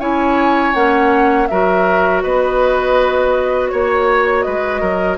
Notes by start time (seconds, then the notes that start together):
0.00 C#4 E4 C#5 G#5
0.75 A#3 C#4 F#5
1.48 F#3 F#4 A#4 E5
2.23 B3 B4 D#5
3.69 A#3 C#5
4.43 G#3 B4 D#5
4.81 F#3 A#4